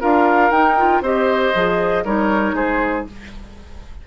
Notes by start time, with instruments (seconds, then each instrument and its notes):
0.00 bassoon D4, clarinet F4, oboe A#4, flute F5
0.50 bassoon D#4, clarinet D#4, flute G5
0.77 clarinet F4
1.01 bassoon C4, clarinet G4, oboe C5, flute D#5
1.54 bassoon F3, clarinet G#4
2.04 bassoon G3, clarinet D#4, oboe A#4, flute C#5
2.53 bassoon G#3, oboe G#4, flute C5